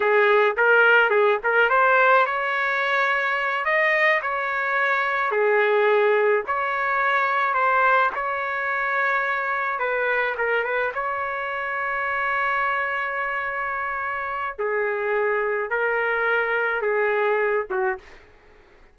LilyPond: \new Staff \with { instrumentName = "trumpet" } { \time 4/4 \tempo 4 = 107 gis'4 ais'4 gis'8 ais'8 c''4 | cis''2~ cis''8 dis''4 cis''8~ | cis''4. gis'2 cis''8~ | cis''4. c''4 cis''4.~ |
cis''4. b'4 ais'8 b'8 cis''8~ | cis''1~ | cis''2 gis'2 | ais'2 gis'4. fis'8 | }